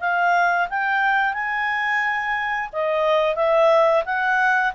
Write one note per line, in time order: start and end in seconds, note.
0.00 0.68 F5
0.69 1.34 G5
1.34 2.70 G#5
2.72 3.36 D#5
3.36 4.04 E5
4.05 4.73 F#5